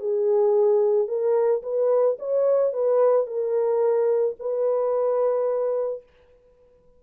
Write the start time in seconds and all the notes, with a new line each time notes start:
0.00 G#4
1.08 A#4
1.63 B4
2.19 C#5
2.73 B4
3.27 A#4
4.39 B4